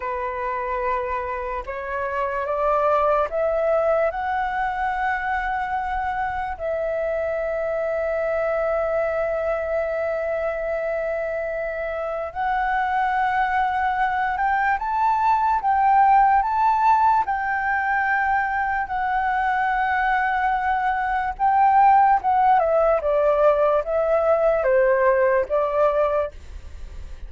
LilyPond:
\new Staff \with { instrumentName = "flute" } { \time 4/4 \tempo 4 = 73 b'2 cis''4 d''4 | e''4 fis''2. | e''1~ | e''2. fis''4~ |
fis''4. g''8 a''4 g''4 | a''4 g''2 fis''4~ | fis''2 g''4 fis''8 e''8 | d''4 e''4 c''4 d''4 | }